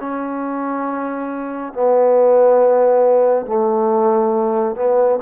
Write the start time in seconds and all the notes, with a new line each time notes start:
0.00 C#4
1.73 B3
3.46 A3
4.75 B3